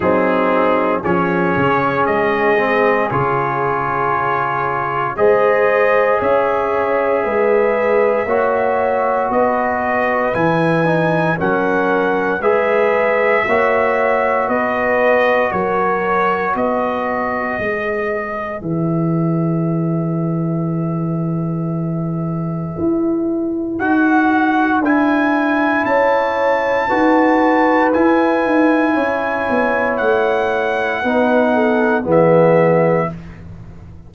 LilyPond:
<<
  \new Staff \with { instrumentName = "trumpet" } { \time 4/4 \tempo 4 = 58 gis'4 cis''4 dis''4 cis''4~ | cis''4 dis''4 e''2~ | e''4 dis''4 gis''4 fis''4 | e''2 dis''4 cis''4 |
dis''2 e''2~ | e''2. fis''4 | gis''4 a''2 gis''4~ | gis''4 fis''2 e''4 | }
  \new Staff \with { instrumentName = "horn" } { \time 4/4 dis'4 gis'2.~ | gis'4 c''4 cis''4 b'4 | cis''4 b'2 ais'4 | b'4 cis''4 b'4 ais'4 |
b'1~ | b'1~ | b'4 cis''4 b'2 | cis''2 b'8 a'8 gis'4 | }
  \new Staff \with { instrumentName = "trombone" } { \time 4/4 c'4 cis'4. c'8 f'4~ | f'4 gis'2. | fis'2 e'8 dis'8 cis'4 | gis'4 fis'2.~ |
fis'4 gis'2.~ | gis'2. fis'4 | e'2 fis'4 e'4~ | e'2 dis'4 b4 | }
  \new Staff \with { instrumentName = "tuba" } { \time 4/4 fis4 f8 cis8 gis4 cis4~ | cis4 gis4 cis'4 gis4 | ais4 b4 e4 fis4 | gis4 ais4 b4 fis4 |
b4 gis4 e2~ | e2 e'4 dis'4 | d'4 cis'4 dis'4 e'8 dis'8 | cis'8 b8 a4 b4 e4 | }
>>